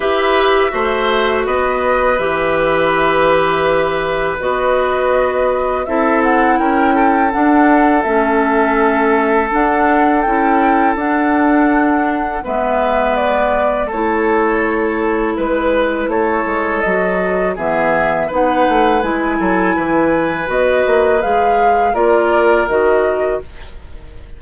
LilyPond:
<<
  \new Staff \with { instrumentName = "flute" } { \time 4/4 \tempo 4 = 82 e''2 dis''4 e''4~ | e''2 dis''2 | e''8 fis''8 g''4 fis''4 e''4~ | e''4 fis''4 g''4 fis''4~ |
fis''4 e''4 d''4 cis''4~ | cis''4 b'4 cis''4 dis''4 | e''4 fis''4 gis''2 | dis''4 f''4 d''4 dis''4 | }
  \new Staff \with { instrumentName = "oboe" } { \time 4/4 b'4 c''4 b'2~ | b'1 | a'4 ais'8 a'2~ a'8~ | a'1~ |
a'4 b'2 a'4~ | a'4 b'4 a'2 | gis'4 b'4. a'8 b'4~ | b'2 ais'2 | }
  \new Staff \with { instrumentName = "clarinet" } { \time 4/4 g'4 fis'2 g'4~ | g'2 fis'2 | e'2 d'4 cis'4~ | cis'4 d'4 e'4 d'4~ |
d'4 b2 e'4~ | e'2. fis'4 | b4 dis'4 e'2 | fis'4 gis'4 f'4 fis'4 | }
  \new Staff \with { instrumentName = "bassoon" } { \time 4/4 e'4 a4 b4 e4~ | e2 b2 | c'4 cis'4 d'4 a4~ | a4 d'4 cis'4 d'4~ |
d'4 gis2 a4~ | a4 gis4 a8 gis8 fis4 | e4 b8 a8 gis8 fis8 e4 | b8 ais8 gis4 ais4 dis4 | }
>>